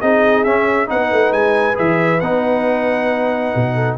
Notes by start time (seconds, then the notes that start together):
0.00 C4 D#4 G#4 D#5
0.44 C#4 E5
0.86 B3 D#4 B4 F#5
1.12 A3
1.32 G#3 G#5
1.75 E3 G#4 E5
2.21 B3 D#4 F#5
3.56 B2
3.75 A4